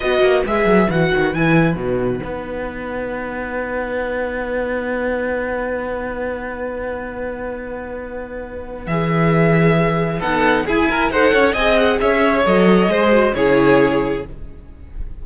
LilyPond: <<
  \new Staff \with { instrumentName = "violin" } { \time 4/4 \tempo 4 = 135 dis''4 e''4 fis''4 gis''4 | fis''1~ | fis''1~ | fis''1~ |
fis''1 | e''2. fis''4 | gis''4 fis''4 gis''8 fis''8 e''4 | dis''2 cis''2 | }
  \new Staff \with { instrumentName = "violin" } { \time 4/4 b'1~ | b'1~ | b'1~ | b'1~ |
b'1~ | b'2. a'4 | gis'8 ais'8 c''8 cis''8 dis''4 cis''4~ | cis''4 c''4 gis'2 | }
  \new Staff \with { instrumentName = "viola" } { \time 4/4 fis'4 gis'4 fis'4 e'4 | dis'1~ | dis'1~ | dis'1~ |
dis'1 | gis'2. dis'4 | e'4 a'4 gis'2 | a'4 gis'8 fis'8 e'2 | }
  \new Staff \with { instrumentName = "cello" } { \time 4/4 b8 ais8 gis8 fis8 e8 dis8 e4 | b,4 b2.~ | b1~ | b1~ |
b1 | e2. b4 | e'4 dis'8 cis'8 c'4 cis'4 | fis4 gis4 cis2 | }
>>